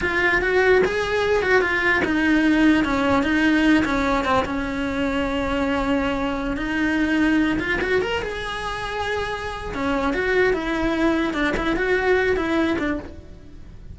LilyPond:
\new Staff \with { instrumentName = "cello" } { \time 4/4 \tempo 4 = 148 f'4 fis'4 gis'4. fis'8 | f'4 dis'2 cis'4 | dis'4. cis'4 c'8 cis'4~ | cis'1~ |
cis'16 dis'2~ dis'8 f'8 fis'8 ais'16~ | ais'16 gis'2.~ gis'8. | cis'4 fis'4 e'2 | d'8 e'8 fis'4. e'4 d'8 | }